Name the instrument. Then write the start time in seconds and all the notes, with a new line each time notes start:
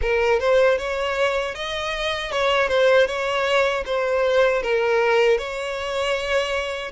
violin
0.01 A#4
0.39 C5
0.78 C#5
1.54 D#5
2.31 C#5
2.68 C5
3.06 C#5
3.85 C5
4.62 A#4
5.37 C#5